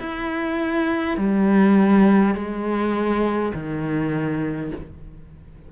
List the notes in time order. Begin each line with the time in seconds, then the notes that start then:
0.00 E4
1.17 G3
2.35 G#3
3.54 D#3